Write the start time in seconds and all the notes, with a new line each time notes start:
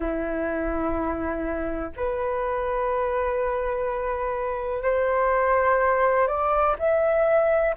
0.00 E4
1.96 B4
4.82 C5
6.27 D5
6.78 E5